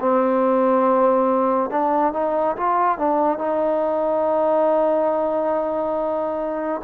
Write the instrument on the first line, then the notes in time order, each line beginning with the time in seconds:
trombone
0.00 C4
1.71 D4
2.14 D#4
2.57 F4
2.99 D4
3.39 D#4